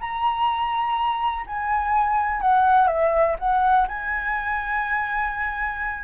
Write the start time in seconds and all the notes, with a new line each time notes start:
0.00 A#5
1.47 G#5
2.41 F#5
2.87 E5
3.39 F#5
3.88 G#5